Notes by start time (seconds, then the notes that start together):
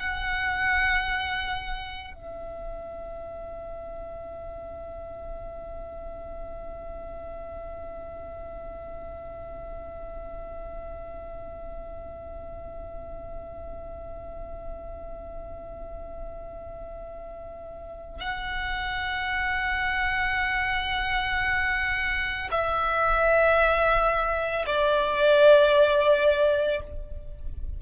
0.00 F#5
2.14 E5
18.20 F#5
22.51 E5
24.67 D5